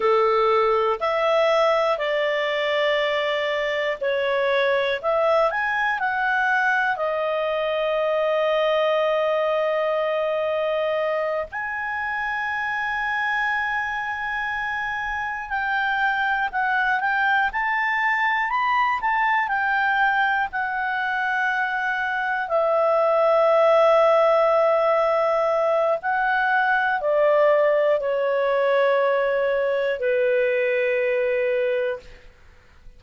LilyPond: \new Staff \with { instrumentName = "clarinet" } { \time 4/4 \tempo 4 = 60 a'4 e''4 d''2 | cis''4 e''8 gis''8 fis''4 dis''4~ | dis''2.~ dis''8 gis''8~ | gis''2.~ gis''8 g''8~ |
g''8 fis''8 g''8 a''4 b''8 a''8 g''8~ | g''8 fis''2 e''4.~ | e''2 fis''4 d''4 | cis''2 b'2 | }